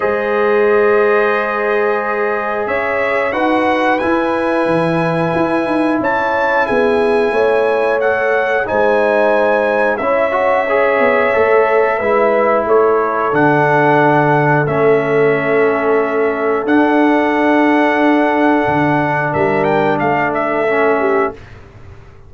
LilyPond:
<<
  \new Staff \with { instrumentName = "trumpet" } { \time 4/4 \tempo 4 = 90 dis''1 | e''4 fis''4 gis''2~ | gis''4 a''4 gis''2 | fis''4 gis''2 e''4~ |
e''2. cis''4 | fis''2 e''2~ | e''4 fis''2.~ | fis''4 e''8 g''8 f''8 e''4. | }
  \new Staff \with { instrumentName = "horn" } { \time 4/4 c''1 | cis''4 b'2.~ | b'4 cis''4 gis'4 cis''4~ | cis''4 c''2 cis''4~ |
cis''2 b'4 a'4~ | a'1~ | a'1~ | a'4 ais'4 a'4. g'8 | }
  \new Staff \with { instrumentName = "trombone" } { \time 4/4 gis'1~ | gis'4 fis'4 e'2~ | e'1 | a'4 dis'2 e'8 fis'8 |
gis'4 a'4 e'2 | d'2 cis'2~ | cis'4 d'2.~ | d'2. cis'4 | }
  \new Staff \with { instrumentName = "tuba" } { \time 4/4 gis1 | cis'4 dis'4 e'4 e4 | e'8 dis'8 cis'4 b4 a4~ | a4 gis2 cis'4~ |
cis'8 b8 a4 gis4 a4 | d2 a2~ | a4 d'2. | d4 g4 a2 | }
>>